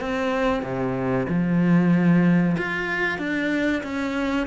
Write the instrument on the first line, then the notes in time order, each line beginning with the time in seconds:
cello
0.00 C4
0.62 C3
1.29 F3
2.58 F4
3.18 D4
3.83 C#4